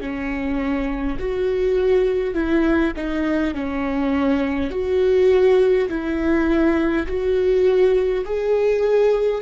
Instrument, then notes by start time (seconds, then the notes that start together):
viola
0.00 C#4
1.19 F#4
2.34 E4
2.96 D#4
3.53 C#4
4.71 F#4
5.89 E4
7.06 F#4
8.25 G#4